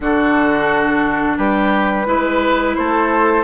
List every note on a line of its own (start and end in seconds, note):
0.00 1.37 D3
0.00 2.05 D4
0.00 1.37 F#4
0.00 1.38 A4
1.37 2.06 G3
1.37 2.06 G4
1.37 2.75 B4
2.05 2.75 G#3
2.05 3.43 E4
2.05 2.76 B4
2.75 3.44 A3
2.75 3.44 A4
2.75 3.44 C5